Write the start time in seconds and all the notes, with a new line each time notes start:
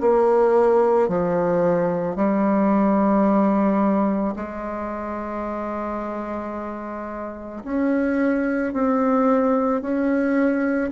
0.00 A#3
1.08 F3
2.16 G3
4.36 G#3
7.64 C#4
8.73 C4
9.81 C#4